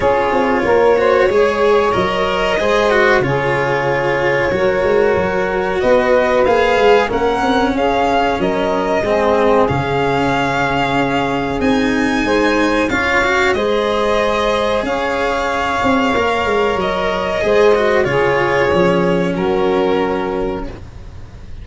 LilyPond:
<<
  \new Staff \with { instrumentName = "violin" } { \time 4/4 \tempo 4 = 93 cis''2. dis''4~ | dis''4 cis''2.~ | cis''4 dis''4 f''4 fis''4 | f''4 dis''2 f''4~ |
f''2 gis''2 | f''4 dis''2 f''4~ | f''2 dis''2 | cis''2 ais'2 | }
  \new Staff \with { instrumentName = "saxophone" } { \time 4/4 gis'4 ais'8 c''8 cis''2 | c''4 gis'2 ais'4~ | ais'4 b'2 ais'4 | gis'4 ais'4 gis'2~ |
gis'2. c''4 | cis''4 c''2 cis''4~ | cis''2. c''4 | gis'2 fis'2 | }
  \new Staff \with { instrumentName = "cello" } { \time 4/4 f'4. fis'8 gis'4 ais'4 | gis'8 fis'8 f'2 fis'4~ | fis'2 gis'4 cis'4~ | cis'2 c'4 cis'4~ |
cis'2 dis'2 | f'8 fis'8 gis'2.~ | gis'4 ais'2 gis'8 fis'8 | f'4 cis'2. | }
  \new Staff \with { instrumentName = "tuba" } { \time 4/4 cis'8 c'8 ais4 gis4 fis4 | gis4 cis2 fis8 gis8 | fis4 b4 ais8 gis8 ais8 c'8 | cis'4 fis4 gis4 cis4~ |
cis2 c'4 gis4 | cis'4 gis2 cis'4~ | cis'8 c'8 ais8 gis8 fis4 gis4 | cis4 f4 fis2 | }
>>